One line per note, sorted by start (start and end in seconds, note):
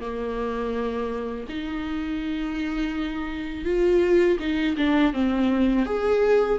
0.00 1.46 A#3
1.49 3.65 D#4
3.65 4.38 F4
4.39 4.76 D#4
4.77 5.13 D4
5.13 5.85 C4
5.85 6.59 G#4